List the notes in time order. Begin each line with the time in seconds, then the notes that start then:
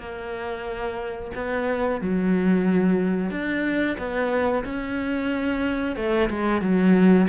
0.00 A#3
1.35 B3
2.02 F#3
3.31 D4
3.99 B3
4.65 C#4
5.97 A3
6.31 G#3
6.62 F#3